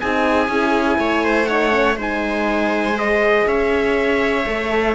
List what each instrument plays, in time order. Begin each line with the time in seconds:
0.00 cello C4, horn D#4, viola G#4, trumpet G#5
0.48 cello C#4, horn E4
0.98 cello A3, viola C#5
1.24 viola C5
1.45 horn D#4, viola C#5, trumpet F#5
1.71 horn C#4
1.96 cello G#3, horn D#4, viola C5, trumpet G#5
2.94 horn G#4, trumpet D#5
3.46 cello C#4, viola C#5, trumpet E5
4.46 cello A3, horn A4